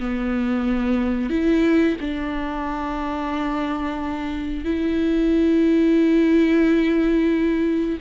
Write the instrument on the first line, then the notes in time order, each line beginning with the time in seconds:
viola
0.00 B3
1.30 E4
2.01 D4
4.65 E4